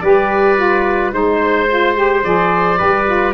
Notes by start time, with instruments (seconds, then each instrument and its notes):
0.00 tuba G3, saxophone G4, trumpet B4, oboe D5
0.56 saxophone F4
1.12 tuba G#3, saxophone D#4, oboe C5, trumpet C5
1.69 saxophone F4
1.95 saxophone G4
2.23 tuba F3, saxophone G#4, oboe D5
2.76 tuba G3, saxophone G4, trumpet B4
3.05 saxophone F4